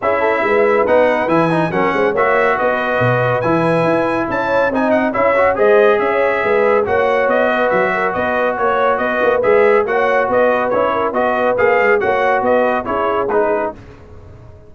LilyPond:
<<
  \new Staff \with { instrumentName = "trumpet" } { \time 4/4 \tempo 4 = 140 e''2 fis''4 gis''4 | fis''4 e''4 dis''2 | gis''2 a''4 gis''8 fis''8 | e''4 dis''4 e''2 |
fis''4 dis''4 e''4 dis''4 | cis''4 dis''4 e''4 fis''4 | dis''4 cis''4 dis''4 f''4 | fis''4 dis''4 cis''4 b'4 | }
  \new Staff \with { instrumentName = "horn" } { \time 4/4 gis'8 a'8 b'2. | ais'8 c''8 cis''4 b'2~ | b'2 cis''4 dis''4 | cis''4 c''4 cis''4 b'4 |
cis''4. b'4 ais'8 b'4 | cis''4 b'2 cis''4 | b'4. ais'8 b'2 | cis''4 b'4 gis'2 | }
  \new Staff \with { instrumentName = "trombone" } { \time 4/4 e'2 dis'4 e'8 dis'8 | cis'4 fis'2. | e'2. dis'4 | e'8 fis'8 gis'2. |
fis'1~ | fis'2 gis'4 fis'4~ | fis'4 e'4 fis'4 gis'4 | fis'2 e'4 dis'4 | }
  \new Staff \with { instrumentName = "tuba" } { \time 4/4 cis'4 gis4 b4 e4 | fis8 gis8 ais4 b4 b,4 | e4 e'4 cis'4 c'4 | cis'4 gis4 cis'4 gis4 |
ais4 b4 fis4 b4 | ais4 b8 ais8 gis4 ais4 | b4 cis'4 b4 ais8 gis8 | ais4 b4 cis'4 gis4 | }
>>